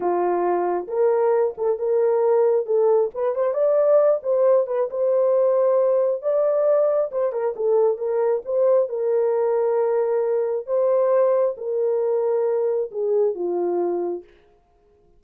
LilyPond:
\new Staff \with { instrumentName = "horn" } { \time 4/4 \tempo 4 = 135 f'2 ais'4. a'8 | ais'2 a'4 b'8 c''8 | d''4. c''4 b'8 c''4~ | c''2 d''2 |
c''8 ais'8 a'4 ais'4 c''4 | ais'1 | c''2 ais'2~ | ais'4 gis'4 f'2 | }